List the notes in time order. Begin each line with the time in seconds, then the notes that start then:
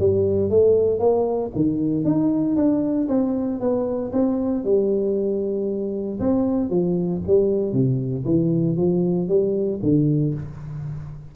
0.00 G3
0.50 A3
1.00 A#3
1.56 D#3
2.05 D#4
2.57 D4
3.09 C4
3.61 B3
4.13 C4
4.65 G3
6.20 C4
6.70 F3
7.27 G3
7.73 C3
8.26 E3
8.77 F3
9.29 G3
9.83 D3